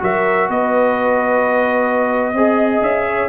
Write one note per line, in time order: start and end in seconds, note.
0.00 0.49 F#3
0.00 2.34 F#4
0.00 0.50 A#4
0.00 0.50 E5
0.49 2.34 B3
0.49 2.36 B4
0.49 2.83 D#5
2.34 2.81 C4
2.34 3.29 G#4
2.34 3.07 D#5
2.81 3.28 C#4
2.81 3.29 E5
3.07 3.29 C#5